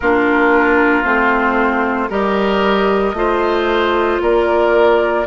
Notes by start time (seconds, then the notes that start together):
0.00 A#3 D4 F4 A#4
1.04 A3 C4 C5
2.09 G3 G4 A#4 D#5
3.13 A3 F4 C5
4.21 A#3 A#4 D5